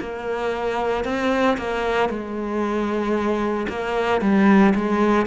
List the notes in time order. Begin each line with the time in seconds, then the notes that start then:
0.00 A#3
1.04 C4
1.57 A#3
2.09 G#3
3.69 A#3
4.21 G3
4.75 G#3